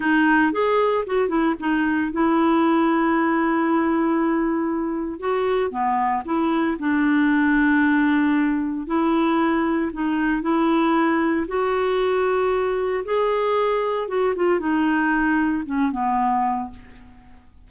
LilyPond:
\new Staff \with { instrumentName = "clarinet" } { \time 4/4 \tempo 4 = 115 dis'4 gis'4 fis'8 e'8 dis'4 | e'1~ | e'2 fis'4 b4 | e'4 d'2.~ |
d'4 e'2 dis'4 | e'2 fis'2~ | fis'4 gis'2 fis'8 f'8 | dis'2 cis'8 b4. | }